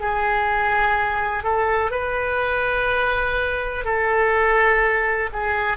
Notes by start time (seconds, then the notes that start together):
0.00 G#4
1.43 A4
1.91 B4
3.84 A4
5.32 G#4